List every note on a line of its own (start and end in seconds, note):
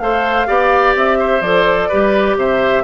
0.00 0.47 A3
0.00 0.47 A4
0.00 0.48 C5
0.00 0.94 F5
0.47 0.96 B3
0.47 1.42 G4
0.47 1.19 D5
0.96 1.42 C4
0.96 1.42 E5
1.19 1.89 C5
1.42 1.89 F3
1.42 1.91 A4
1.42 2.36 D5
1.89 2.37 G3
1.89 2.84 G4
1.89 2.37 B4
2.37 2.84 C3
2.37 2.84 C5
2.37 2.84 E5